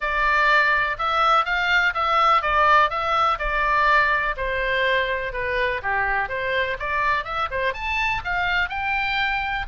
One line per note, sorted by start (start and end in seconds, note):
0.00 0.97 D5
0.98 1.45 E5
1.45 1.93 F5
1.94 2.42 E5
2.42 2.90 D5
2.90 3.38 E5
3.38 4.35 D5
4.37 5.32 C5
5.32 5.81 B4
5.82 6.28 G4
6.28 6.77 C5
6.79 7.24 D5
7.24 7.48 E5
7.50 7.73 C5
7.73 8.22 A5
8.24 8.69 F5
8.69 9.66 G5